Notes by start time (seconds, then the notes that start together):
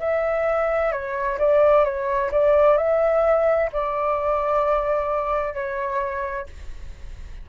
0.00 E5
0.92 C#5
1.39 D5
1.85 C#5
2.32 D5
2.77 E5
3.73 D5
5.54 C#5